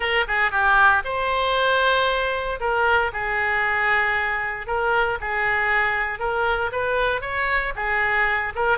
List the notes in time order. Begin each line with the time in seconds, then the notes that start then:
0.00 A#4
0.27 G#4
0.51 G4
1.04 C5
2.60 A#4
3.12 G#4
4.66 A#4
5.21 G#4
6.19 A#4
6.71 B4
7.21 C#5
7.75 G#4
8.55 A#4